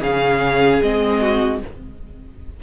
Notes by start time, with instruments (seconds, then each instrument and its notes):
0.00 cello C#3, viola C#4, violin G#4 F5
0.82 cello G#3, viola C4, violin D#5
1.20 violin F#4